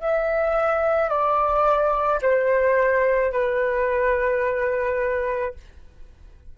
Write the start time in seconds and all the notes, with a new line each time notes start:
0.00 E5
1.09 D5
2.21 C5
3.32 B4